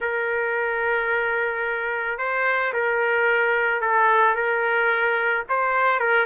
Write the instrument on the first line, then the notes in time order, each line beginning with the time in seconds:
trumpet
0.00 A#4
2.18 C5
2.73 A#4
3.81 A4
4.35 A#4
5.49 C5
5.99 A#4